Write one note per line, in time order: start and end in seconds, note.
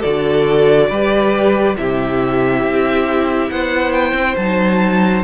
0.00 0.90 D3
0.00 0.92 F#4
0.00 0.87 A4
0.00 1.76 D5
0.90 1.77 G3
0.90 1.77 G4
0.90 1.77 B4
1.77 2.63 C3
1.77 4.38 E4
1.77 3.52 G4
1.77 3.51 E5
2.63 3.50 C4
3.51 4.13 B3
3.51 5.24 C5
3.51 3.92 F#5
3.92 4.36 G5
4.13 4.35 C4
4.36 5.24 F#3
4.36 5.24 D#4
4.36 5.23 A5